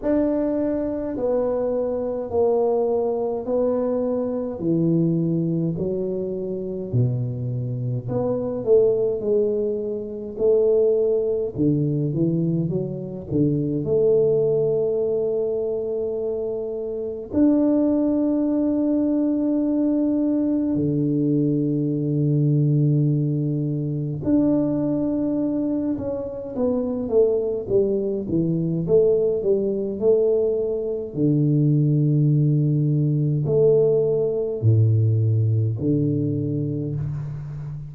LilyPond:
\new Staff \with { instrumentName = "tuba" } { \time 4/4 \tempo 4 = 52 d'4 b4 ais4 b4 | e4 fis4 b,4 b8 a8 | gis4 a4 d8 e8 fis8 d8 | a2. d'4~ |
d'2 d2~ | d4 d'4. cis'8 b8 a8 | g8 e8 a8 g8 a4 d4~ | d4 a4 a,4 d4 | }